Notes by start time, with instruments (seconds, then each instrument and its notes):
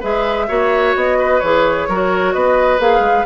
0.00 bassoon G#3, clarinet G#4, oboe B4, flute E5
0.48 bassoon A#3, clarinet F#4, oboe C#5
0.95 bassoon B3, flute D#5
1.18 oboe B4
1.40 bassoon E3, clarinet G#4, flute C#5
1.88 bassoon F#3, clarinet F#4, oboe A#4
2.33 bassoon B3, oboe B4, flute D#5
2.79 bassoon A#3, clarinet G#4, flute F5
3.00 bassoon G#3